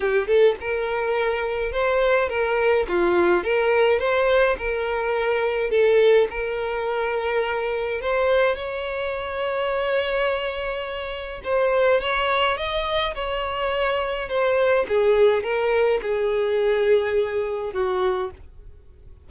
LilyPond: \new Staff \with { instrumentName = "violin" } { \time 4/4 \tempo 4 = 105 g'8 a'8 ais'2 c''4 | ais'4 f'4 ais'4 c''4 | ais'2 a'4 ais'4~ | ais'2 c''4 cis''4~ |
cis''1 | c''4 cis''4 dis''4 cis''4~ | cis''4 c''4 gis'4 ais'4 | gis'2. fis'4 | }